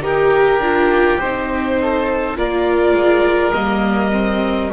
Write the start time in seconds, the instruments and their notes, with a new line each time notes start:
0.00 double bass D#4, viola G4, oboe G4, violin A#4
0.59 double bass D4, viola F4
1.19 double bass C4, viola D#4, violin C5
1.81 oboe A4
2.37 double bass A#3, viola F4, oboe A#4, violin D5
2.93 double bass G#3
3.53 double bass G3, viola A#3, violin D#5
4.11 viola C4